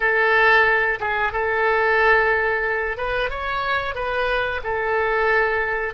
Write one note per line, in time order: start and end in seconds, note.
0.00 0.99 A4
1.00 1.32 G#4
1.32 2.97 A4
2.97 3.30 B4
3.30 3.94 C#5
3.94 4.60 B4
4.63 5.94 A4